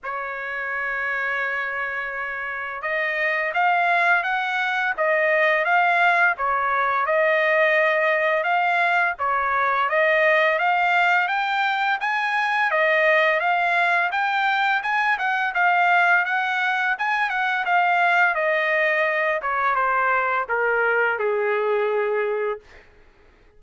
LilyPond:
\new Staff \with { instrumentName = "trumpet" } { \time 4/4 \tempo 4 = 85 cis''1 | dis''4 f''4 fis''4 dis''4 | f''4 cis''4 dis''2 | f''4 cis''4 dis''4 f''4 |
g''4 gis''4 dis''4 f''4 | g''4 gis''8 fis''8 f''4 fis''4 | gis''8 fis''8 f''4 dis''4. cis''8 | c''4 ais'4 gis'2 | }